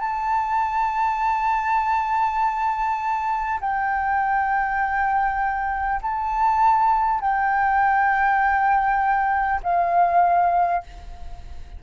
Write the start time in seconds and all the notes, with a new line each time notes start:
0.00 A5
3.61 G5
6.02 A5
7.21 G5
9.63 F5